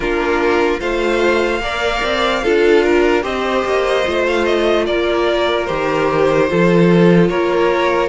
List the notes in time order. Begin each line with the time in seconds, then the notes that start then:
0.00 A#3 D4 F4 A#4
0.80 A3 F4 C5 F5
1.60 A#3 A#4 D5
2.03 C4
2.43 D4 F4 A4
2.83 A#4
3.21 C4 G4 C5 D#5
3.64 A#3
4.06 A3 F4
4.27 F5
4.44 D#5
4.85 A#3 A#4 D5
5.65 D#3 G4 C5
6.47 F3 F4 A4
7.28 A#3 A#4 C#5